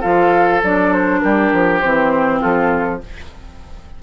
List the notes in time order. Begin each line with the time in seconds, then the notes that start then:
0.00 F3 F4 A4 F5
0.63 F#3 D4 D5
0.92 C5
1.20 G3 G4 A#4
1.52 F3
1.80 E3 C4 C5
2.39 F3 F4 A4